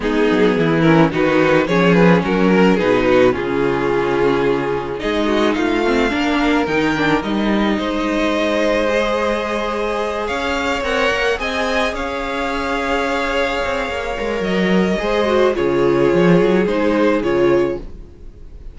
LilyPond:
<<
  \new Staff \with { instrumentName = "violin" } { \time 4/4 \tempo 4 = 108 gis'4. ais'8 b'4 cis''8 b'8 | ais'4 b'4 gis'2~ | gis'4 dis''4 f''2 | g''4 dis''2.~ |
dis''2~ dis''8 f''4 fis''8~ | fis''8 gis''4 f''2~ f''8~ | f''2 dis''2 | cis''2 c''4 cis''4 | }
  \new Staff \with { instrumentName = "violin" } { \time 4/4 dis'4 e'4 fis'4 gis'4 | fis'8 ais'8 gis'8 fis'8 f'2~ | f'4 gis'8 fis'8 f'4 ais'4~ | ais'2 c''2~ |
c''2~ c''8 cis''4.~ | cis''8 dis''4 cis''2~ cis''8~ | cis''2. c''4 | gis'1 | }
  \new Staff \with { instrumentName = "viola" } { \time 4/4 b4. cis'8 dis'4 cis'4~ | cis'4 dis'4 cis'2~ | cis'4 dis'4. c'8 d'4 | dis'8 d'8 dis'2. |
gis'2.~ gis'8 ais'8~ | ais'8 gis'2.~ gis'8~ | gis'4. ais'4. gis'8 fis'8 | f'2 dis'4 f'4 | }
  \new Staff \with { instrumentName = "cello" } { \time 4/4 gis8 fis8 e4 dis4 f4 | fis4 b,4 cis2~ | cis4 gis4 a4 ais4 | dis4 g4 gis2~ |
gis2~ gis8 cis'4 c'8 | ais8 c'4 cis'2~ cis'8~ | cis'8 c'8 ais8 gis8 fis4 gis4 | cis4 f8 fis8 gis4 cis4 | }
>>